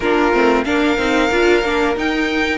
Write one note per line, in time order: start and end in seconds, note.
0.00 0.32 A#3
0.00 0.33 D4
0.00 0.66 F4
0.00 0.63 A#4
0.33 0.65 A3
0.33 0.65 C4
0.65 0.97 A#3
0.65 0.98 D4
0.65 2.58 A#4
0.65 1.95 F5
0.97 1.30 C4
0.97 1.30 D#4
1.31 1.63 D4
1.31 1.63 F4
1.63 1.96 A#3
1.63 1.96 D4
1.96 2.58 D#4
1.96 2.58 G5